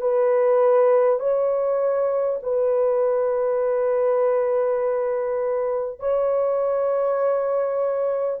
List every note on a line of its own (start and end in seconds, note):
0.00 1.19 B4
1.19 2.39 C#5
2.43 5.99 B4
5.99 8.39 C#5